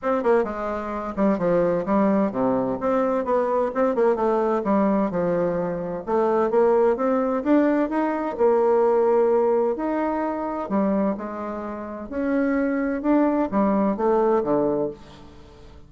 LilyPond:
\new Staff \with { instrumentName = "bassoon" } { \time 4/4 \tempo 4 = 129 c'8 ais8 gis4. g8 f4 | g4 c4 c'4 b4 | c'8 ais8 a4 g4 f4~ | f4 a4 ais4 c'4 |
d'4 dis'4 ais2~ | ais4 dis'2 g4 | gis2 cis'2 | d'4 g4 a4 d4 | }